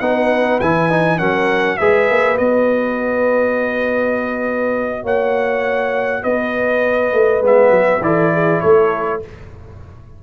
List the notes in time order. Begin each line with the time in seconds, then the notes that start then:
0.00 B3 D#4 B4 F#5
0.60 E3 E4 G#5
0.90 D#4
1.19 F#3 C#4 A#4 F#5
1.78 G#3 G#4 B4 E5
2.10 A#3
2.37 B3 F#4 D#5
5.03 A#3 C#5 F#5
6.23 B3 B4 D#5
7.13 A3
7.42 G#3 B3 E5
7.71 F#3
8.01 E3 E4 A4 D5
8.33 G#4
8.61 A3 A4 C#5